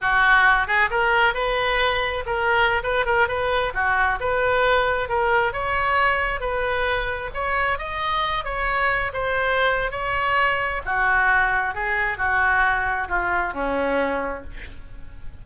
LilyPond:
\new Staff \with { instrumentName = "oboe" } { \time 4/4 \tempo 4 = 133 fis'4. gis'8 ais'4 b'4~ | b'4 ais'4~ ais'16 b'8 ais'8 b'8.~ | b'16 fis'4 b'2 ais'8.~ | ais'16 cis''2 b'4.~ b'16~ |
b'16 cis''4 dis''4. cis''4~ cis''16~ | cis''16 c''4.~ c''16 cis''2 | fis'2 gis'4 fis'4~ | fis'4 f'4 cis'2 | }